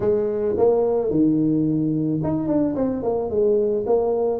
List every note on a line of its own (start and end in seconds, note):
0.00 0.55 G#3
0.57 1.10 A#3
1.10 2.20 D#3
2.23 2.47 D#4
2.47 2.75 D4
2.75 3.02 C4
3.02 3.30 A#3
3.30 3.85 G#3
3.86 4.40 A#3